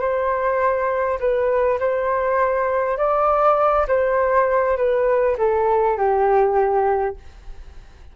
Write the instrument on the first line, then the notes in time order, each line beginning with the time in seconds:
flute
0.00 C5
1.20 B4
1.79 C5
2.97 D5
3.88 C5
4.77 B4
5.38 A4
5.97 G4